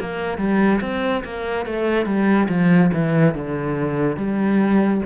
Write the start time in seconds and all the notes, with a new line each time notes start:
0.00 A#3
0.38 G3
0.81 C4
1.24 A#3
1.66 A3
2.06 G3
2.48 F3
2.93 E3
3.35 D3
4.16 G3